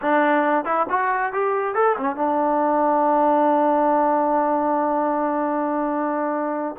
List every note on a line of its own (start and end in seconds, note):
0.01 0.64 D4
0.64 0.86 E4
0.89 1.33 F#4
1.33 1.74 G4
1.74 1.96 A4
1.97 2.16 C#4
2.16 6.75 D4